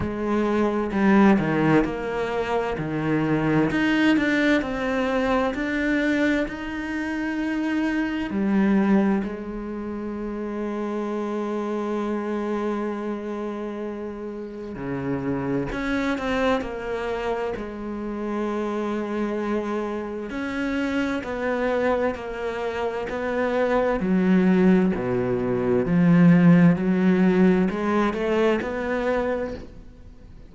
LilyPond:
\new Staff \with { instrumentName = "cello" } { \time 4/4 \tempo 4 = 65 gis4 g8 dis8 ais4 dis4 | dis'8 d'8 c'4 d'4 dis'4~ | dis'4 g4 gis2~ | gis1 |
cis4 cis'8 c'8 ais4 gis4~ | gis2 cis'4 b4 | ais4 b4 fis4 b,4 | f4 fis4 gis8 a8 b4 | }